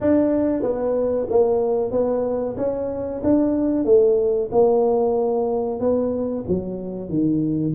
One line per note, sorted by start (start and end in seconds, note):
0.00 0.62 D4
0.62 1.27 B3
1.29 1.91 A#3
1.91 2.55 B3
2.57 3.21 C#4
3.23 3.84 D4
3.84 4.49 A3
4.51 5.79 A#3
5.79 6.44 B3
6.48 7.09 F#3
7.09 7.73 D#3